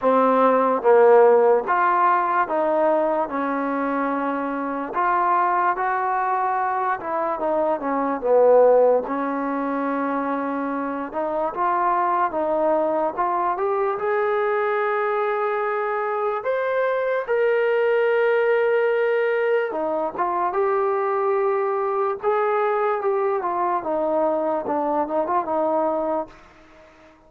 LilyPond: \new Staff \with { instrumentName = "trombone" } { \time 4/4 \tempo 4 = 73 c'4 ais4 f'4 dis'4 | cis'2 f'4 fis'4~ | fis'8 e'8 dis'8 cis'8 b4 cis'4~ | cis'4. dis'8 f'4 dis'4 |
f'8 g'8 gis'2. | c''4 ais'2. | dis'8 f'8 g'2 gis'4 | g'8 f'8 dis'4 d'8 dis'16 f'16 dis'4 | }